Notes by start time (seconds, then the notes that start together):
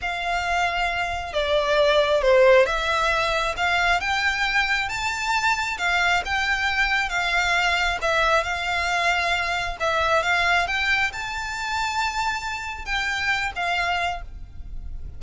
0.01 F5
1.33 D5
2.21 C5
2.66 E5
3.57 F5
4.00 G5
4.88 A5
5.78 F5
6.25 G5
7.09 F5
8.01 E5
8.43 F5
9.80 E5
10.22 F5
10.67 G5
11.13 A5
12.85 G5
13.55 F5